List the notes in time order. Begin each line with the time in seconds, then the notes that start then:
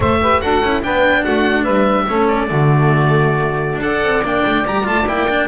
0.00 A3 A4 C5 E5
0.21 G4 B4
0.41 D4 F#4 A4 F#5
0.62 C#4 E4
0.82 B3 D4 B4 G5
1.22 A3 F#4 F#5
1.63 G3 B4 E5
2.09 A3 C#4 A4
2.28 D5
2.47 D3 A3 F#4
3.73 D4
3.80 A4 D5 F#5
4.03 C4
4.23 A#3 D4 G5
4.46 A3
4.66 G3 G4 A#5
4.83 A3 F4 A5
5.07 A#3 E4 G5
5.29 D4